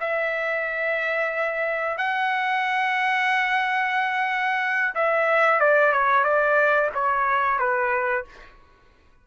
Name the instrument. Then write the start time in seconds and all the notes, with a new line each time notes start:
trumpet
0.00 E5
1.98 F#5
4.95 E5
5.60 D5
5.92 C#5
6.24 D5
6.94 C#5
7.59 B4